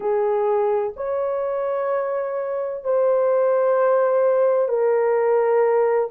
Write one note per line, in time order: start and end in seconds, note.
0.00 0.93 G#4
0.96 2.84 C#5
2.84 4.68 C5
4.68 6.09 A#4